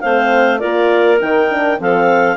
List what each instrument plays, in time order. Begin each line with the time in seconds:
0.00 bassoon A3, horn C4, clarinet C5 F5
0.59 bassoon A#3, horn F4, clarinet A#4 D5
1.20 bassoon D#3, horn D#4, clarinet G5
1.49 horn D4
1.78 bassoon F3, horn C4, clarinet A4 F5